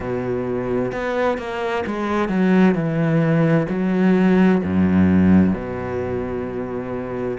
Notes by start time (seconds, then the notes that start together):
0.00 B2
0.91 B3
1.38 A#3
1.86 G#3
2.28 F#3
2.74 E3
3.69 F#3
4.63 F#2
5.53 B2